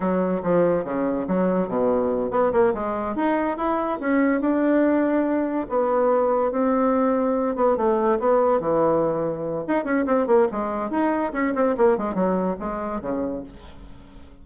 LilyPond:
\new Staff \with { instrumentName = "bassoon" } { \time 4/4 \tempo 4 = 143 fis4 f4 cis4 fis4 | b,4. b8 ais8 gis4 dis'8~ | dis'8 e'4 cis'4 d'4.~ | d'4. b2 c'8~ |
c'2 b8 a4 b8~ | b8 e2~ e8 dis'8 cis'8 | c'8 ais8 gis4 dis'4 cis'8 c'8 | ais8 gis8 fis4 gis4 cis4 | }